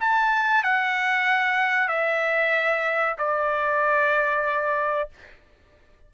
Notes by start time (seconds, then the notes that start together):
0.00 A5
0.63 F#5
1.88 E5
3.18 D5